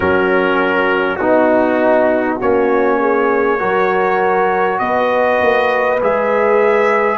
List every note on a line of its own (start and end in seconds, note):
0.00 1.19 F#3
0.00 1.19 C#4
0.00 1.19 F#4
0.00 1.16 A#4
1.16 2.40 B3
1.16 2.36 D#4
1.16 2.40 D#4
1.16 2.36 F#4
2.36 3.61 A#3
2.36 3.58 C#4
2.36 2.96 F#4
2.36 4.78 C#5
3.00 3.59 G#4
3.58 4.79 F#3
3.58 5.98 F#4
3.58 4.79 A#4
4.78 5.40 B3
4.78 7.17 B4
4.78 5.98 D#5
5.41 6.01 A#3
6.02 7.17 G#3
6.02 7.17 G#4
6.02 7.17 E5